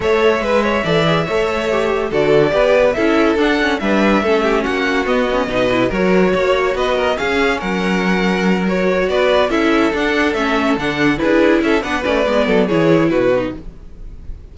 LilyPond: <<
  \new Staff \with { instrumentName = "violin" } { \time 4/4 \tempo 4 = 142 e''1~ | e''4 d''2 e''4 | fis''4 e''2 fis''4 | dis''2 cis''2 |
dis''4 f''4 fis''2~ | fis''8 cis''4 d''4 e''4 fis''8~ | fis''8 e''4 fis''4 b'4 e''8 | fis''8 d''4. cis''4 b'4 | }
  \new Staff \with { instrumentName = "violin" } { \time 4/4 cis''4 b'8 cis''8 d''4 cis''4~ | cis''4 a'4 b'4 a'4~ | a'4 b'4 a'8 g'8 fis'4~ | fis'4 b'4 ais'4 cis''4 |
b'8 ais'8 gis'4 ais'2~ | ais'4. b'4 a'4.~ | a'2~ a'8 gis'4 a'8 | b'4. a'8 gis'4 fis'4 | }
  \new Staff \with { instrumentName = "viola" } { \time 4/4 a'4 b'4 a'8 gis'8 a'4 | g'4 fis'4 g'4 e'4 | d'8 cis'8 d'4 cis'2 | b8 cis'8 dis'8 e'8 fis'2~ |
fis'4 cis'2.~ | cis'8 fis'2 e'4 d'8~ | d'8 cis'4 d'4 e'4. | d'8 cis'8 b4 e'4. dis'8 | }
  \new Staff \with { instrumentName = "cello" } { \time 4/4 a4 gis4 e4 a4~ | a4 d4 b4 cis'4 | d'4 g4 a4 ais4 | b4 b,4 fis4 ais4 |
b4 cis'4 fis2~ | fis4. b4 cis'4 d'8~ | d'8 a4 d4 d'4 cis'8 | b8 a8 gis8 fis8 e4 b,4 | }
>>